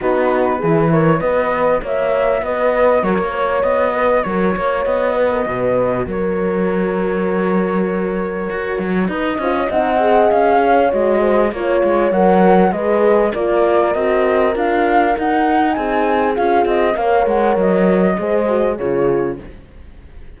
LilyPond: <<
  \new Staff \with { instrumentName = "flute" } { \time 4/4 \tempo 4 = 99 b'4. cis''8 dis''4 e''4 | dis''4 cis''4 dis''4 cis''4 | dis''2 cis''2~ | cis''2. dis''4 |
fis''4 f''4 dis''4 cis''4 | fis''4 dis''4 d''4 dis''4 | f''4 fis''4 gis''4 f''8 dis''8 | f''8 fis''8 dis''2 cis''4 | }
  \new Staff \with { instrumentName = "horn" } { \time 4/4 fis'4 gis'8 ais'8 b'4 cis''4 | b'4 ais'8 cis''4 b'8 ais'8 cis''8~ | cis''8 b'16 ais'16 b'4 ais'2~ | ais'2. b'8 c''16 cis''16 |
dis''4. cis''4 c''8 cis''4~ | cis''4 b'4 ais'2~ | ais'2 gis'2 | cis''2 c''4 gis'4 | }
  \new Staff \with { instrumentName = "horn" } { \time 4/4 dis'4 e'4 fis'2~ | fis'1~ | fis'1~ | fis'2.~ fis'8 f'8 |
dis'8 gis'4. fis'4 f'4 | ais'4 gis'4 f'4 fis'4 | f'4 dis'2 f'4 | ais'2 gis'8 fis'8 f'4 | }
  \new Staff \with { instrumentName = "cello" } { \time 4/4 b4 e4 b4 ais4 | b4 fis16 ais8. b4 fis8 ais8 | b4 b,4 fis2~ | fis2 fis'8 fis8 dis'8 cis'8 |
c'4 cis'4 gis4 ais8 gis8 | fis4 gis4 ais4 c'4 | d'4 dis'4 c'4 cis'8 c'8 | ais8 gis8 fis4 gis4 cis4 | }
>>